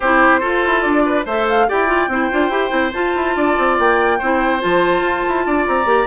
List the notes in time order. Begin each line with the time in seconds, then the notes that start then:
0.00 C4 E4 G4 C5
0.40 F4 A4
0.65 E4
0.81 D4 D5
1.05 B4
1.25 A3 A4 C5 E5
1.48 F5
1.68 E4 G4 D5 G5
1.87 F4
2.08 C4 E4 C5
2.31 D4 F4
2.49 E4 G4
2.69 C4 E4
2.92 F4 A5
3.15 E4
3.36 D4 D5
3.58 C4
3.78 A#3 G5
4.18 C4 E4 C5
4.60 F3 F4 A5
5.01 F4
5.28 E4
5.46 D4 D5
5.67 C4 A#5
5.85 A#3 G4